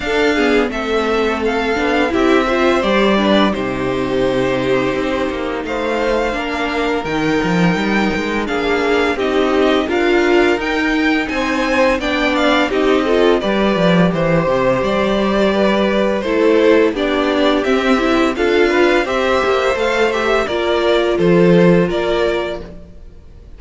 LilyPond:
<<
  \new Staff \with { instrumentName = "violin" } { \time 4/4 \tempo 4 = 85 f''4 e''4 f''4 e''4 | d''4 c''2. | f''2 g''2 | f''4 dis''4 f''4 g''4 |
gis''4 g''8 f''8 dis''4 d''4 | c''4 d''2 c''4 | d''4 e''4 f''4 e''4 | f''8 e''8 d''4 c''4 d''4 | }
  \new Staff \with { instrumentName = "violin" } { \time 4/4 a'8 gis'8 a'2 g'8 c''8~ | c''8 b'8 g'2. | c''4 ais'2. | gis'4 g'4 ais'2 |
c''4 d''4 g'8 a'8 b'4 | c''2 b'4 a'4 | g'2 a'8 b'8 c''4~ | c''4 ais'4 a'4 ais'4 | }
  \new Staff \with { instrumentName = "viola" } { \time 4/4 d'8 b8 c'4. d'8 e'8 f'8 | g'8 d'8 dis'2.~ | dis'4 d'4 dis'2 | d'4 dis'4 f'4 dis'4~ |
dis'4 d'4 dis'8 f'8 g'4~ | g'2. e'4 | d'4 c'8 e'8 f'4 g'4 | a'8 g'8 f'2. | }
  \new Staff \with { instrumentName = "cello" } { \time 4/4 d'4 a4. b8 c'4 | g4 c2 c'8 ais8 | a4 ais4 dis8 f8 g8 gis8 | ais4 c'4 d'4 dis'4 |
c'4 b4 c'4 g8 f8 | e8 c8 g2 a4 | b4 c'4 d'4 c'8 ais8 | a4 ais4 f4 ais4 | }
>>